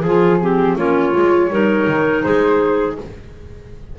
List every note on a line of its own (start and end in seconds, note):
0.00 0.75 F3
0.00 0.40 F4
0.00 0.37 G#4
0.00 0.77 G#4
0.40 0.77 C4
0.40 0.77 G4
0.75 1.12 A#3
0.75 1.12 C#4
0.75 1.50 F4
0.75 2.22 C#5
1.12 1.50 G#3
1.12 1.48 F4
1.50 1.87 G3
1.50 2.98 D#4
1.50 2.24 A#4
1.87 2.24 D#3
2.22 2.98 G#3
2.22 2.97 G#4
2.22 2.95 C5